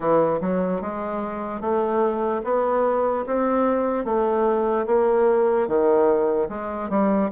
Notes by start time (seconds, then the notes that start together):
0.00 E3
0.41 F#3
0.81 G#3
1.60 A3
2.44 B3
3.26 C4
4.05 A3
4.86 A#3
5.67 D#3
6.49 G#3
6.89 G3